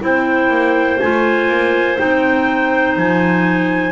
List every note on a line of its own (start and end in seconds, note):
0.00 0.49 C4
0.00 0.98 E4
0.00 3.92 C5
0.00 1.00 G5
0.49 0.98 A#3
1.00 1.48 A3
1.00 1.97 F4
1.00 1.98 G#5
1.48 1.97 A#3
1.97 2.96 C4
1.97 3.92 D#4
1.97 2.97 G5
2.96 3.92 F3
2.96 3.92 G#5